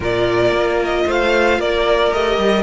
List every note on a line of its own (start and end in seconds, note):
0.00 0.51 A#2
0.00 2.12 F4
0.00 1.04 A#4
0.00 0.82 D5
0.51 1.04 A#3
0.84 1.10 D#5
1.06 1.59 A3
1.06 1.59 C5
1.06 1.60 F5
1.59 2.12 A#3
1.59 2.63 A#4
1.59 2.12 D5
2.12 2.37 A3
2.12 2.63 G4
2.12 2.63 D#5
2.37 2.63 G3